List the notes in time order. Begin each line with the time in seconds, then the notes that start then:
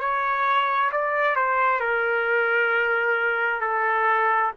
0.00 C#5
0.92 D5
1.36 C5
1.80 A#4
3.61 A4